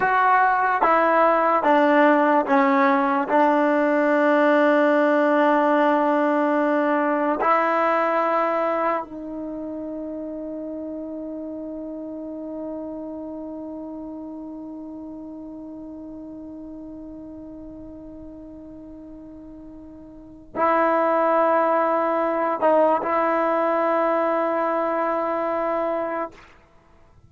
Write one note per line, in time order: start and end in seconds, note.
0.00 0.82 F#4
0.82 1.63 E4
1.63 2.45 D4
2.45 3.28 C#4
3.28 7.39 D4
7.40 9.03 E4
9.03 20.54 D#4
20.55 22.60 E4
22.60 23.01 D#4
23.02 26.31 E4